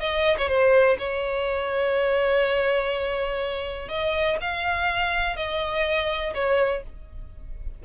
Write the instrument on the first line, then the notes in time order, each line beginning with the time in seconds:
violin
0.00 D#5
0.38 C#5
0.48 C5
0.99 C#5
3.88 D#5
4.41 F5
5.36 D#5
6.34 C#5